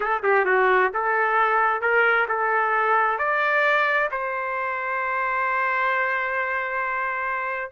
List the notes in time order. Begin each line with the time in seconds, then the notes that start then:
0.00 A4
0.22 G4
0.45 F#4
0.93 A4
1.81 A#4
2.28 A4
3.18 D5
4.11 C5